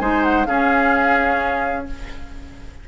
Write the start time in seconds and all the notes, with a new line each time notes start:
0.00 G#3 D#4 C5 G#5
0.24 F#5
0.45 C#4 G#4 F5